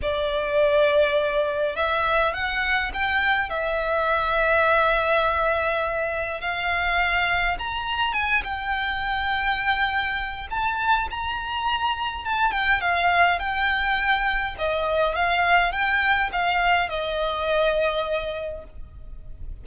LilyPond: \new Staff \with { instrumentName = "violin" } { \time 4/4 \tempo 4 = 103 d''2. e''4 | fis''4 g''4 e''2~ | e''2. f''4~ | f''4 ais''4 gis''8 g''4.~ |
g''2 a''4 ais''4~ | ais''4 a''8 g''8 f''4 g''4~ | g''4 dis''4 f''4 g''4 | f''4 dis''2. | }